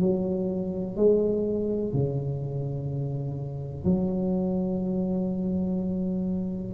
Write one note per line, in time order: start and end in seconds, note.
0.00 0.96 F#3
0.96 1.93 G#3
1.93 3.84 C#3
3.84 6.73 F#3